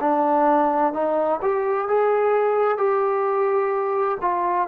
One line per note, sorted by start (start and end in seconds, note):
0.00 0.93 D4
0.93 1.40 D#4
1.41 1.88 G4
1.88 2.77 G#4
2.77 4.18 G4
4.21 4.67 F4